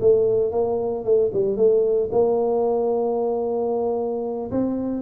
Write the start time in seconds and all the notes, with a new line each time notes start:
0.00 A3
0.51 A#3
1.04 A3
1.33 G3
1.57 A3
2.11 A#3
4.51 C4